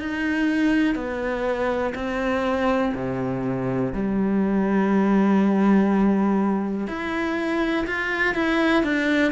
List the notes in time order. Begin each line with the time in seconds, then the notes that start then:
0.00 D#4
0.95 B3
1.95 C4
2.95 C3
3.93 G3
6.87 E4
7.87 F4
8.35 E4
8.83 D4